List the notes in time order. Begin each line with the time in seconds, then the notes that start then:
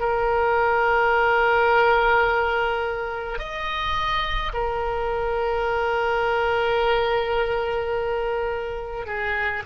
0.00 A#4
3.39 D#5
4.54 A#4
9.07 G#4